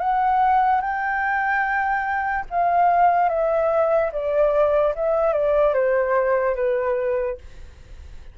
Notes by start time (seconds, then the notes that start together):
0.00 F#5
0.81 G5
2.50 F5
3.29 E5
4.12 D5
4.95 E5
5.33 D5
5.74 C5
6.56 B4